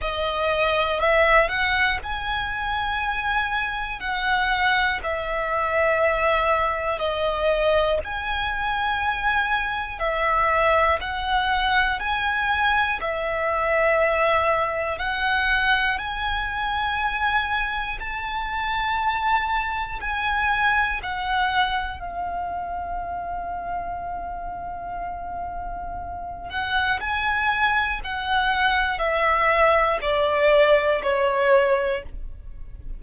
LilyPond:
\new Staff \with { instrumentName = "violin" } { \time 4/4 \tempo 4 = 60 dis''4 e''8 fis''8 gis''2 | fis''4 e''2 dis''4 | gis''2 e''4 fis''4 | gis''4 e''2 fis''4 |
gis''2 a''2 | gis''4 fis''4 f''2~ | f''2~ f''8 fis''8 gis''4 | fis''4 e''4 d''4 cis''4 | }